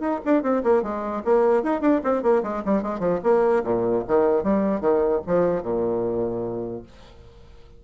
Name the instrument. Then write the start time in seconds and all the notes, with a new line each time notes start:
bassoon
0.00 D#4
0.25 D4
0.43 C4
0.64 A#3
0.83 G#3
1.25 A#3
1.63 D#4
1.81 D4
2.04 C4
2.23 A#3
2.43 G#3
2.65 G3
2.83 G#3
3.00 F3
3.24 A#3
3.64 A#2
4.08 D#3
4.44 G3
4.81 D#3
5.27 F3
5.63 A#2